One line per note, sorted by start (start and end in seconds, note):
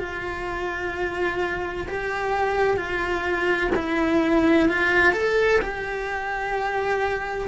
0.00 1.87 F4
1.88 2.77 G4
2.77 3.71 F4
3.75 4.69 E4
4.69 5.13 F4
5.13 5.60 A4
5.62 7.48 G4